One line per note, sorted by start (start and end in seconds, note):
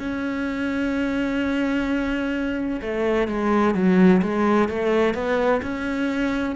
0.00 2.81 C#4
2.82 3.28 A3
3.28 3.75 G#3
3.75 4.22 F#3
4.22 4.69 G#3
4.69 5.15 A3
5.15 5.62 B3
5.62 6.56 C#4